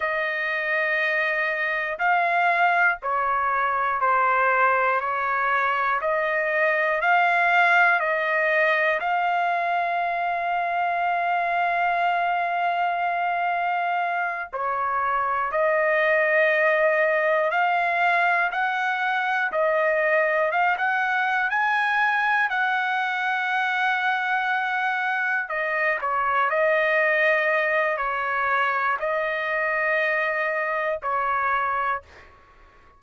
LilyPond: \new Staff \with { instrumentName = "trumpet" } { \time 4/4 \tempo 4 = 60 dis''2 f''4 cis''4 | c''4 cis''4 dis''4 f''4 | dis''4 f''2.~ | f''2~ f''8 cis''4 dis''8~ |
dis''4. f''4 fis''4 dis''8~ | dis''8 f''16 fis''8. gis''4 fis''4.~ | fis''4. dis''8 cis''8 dis''4. | cis''4 dis''2 cis''4 | }